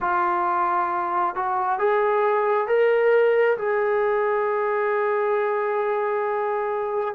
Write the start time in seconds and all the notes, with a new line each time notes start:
0.00 F4
1.35 F#4
1.79 G#4
2.67 A#4
3.57 G#4